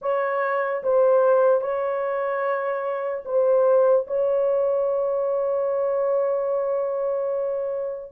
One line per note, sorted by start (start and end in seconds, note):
0.01 0.83 C#5
0.83 1.61 C5
1.61 3.23 C#5
3.25 4.06 C5
4.07 8.12 C#5